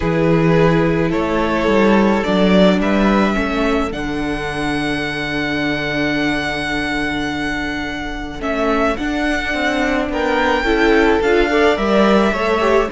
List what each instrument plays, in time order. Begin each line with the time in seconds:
0.00 cello E3, viola E4, violin G#4 B4
1.09 cello A3, violin A4 C#5
1.67 cello G3
2.23 cello F#3, viola D4, violin D5
2.79 cello G3, violin B4 E5
3.33 cello A3, viola C#4, violin A4
3.91 cello D3, viola D4, violin F#5
8.39 cello A3, viola C#4, violin E5
8.96 cello D4, viola D4, violin F#5
9.53 cello C4
10.09 cello B3, violin A#4 G5
10.63 cello C#4, viola E4, violin A4
11.21 cello D4, viola F4, violin F5
11.49 viola A4, violin D5
11.76 cello G3, viola A#4, violin E5
12.32 cello A3, viola A4, violin C#5
12.60 viola G4